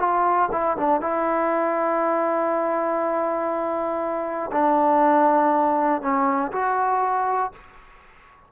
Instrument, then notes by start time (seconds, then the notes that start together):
trombone
0.00 F4
0.52 E4
0.78 D4
1.01 E4
4.52 D4
6.02 C#4
6.52 F#4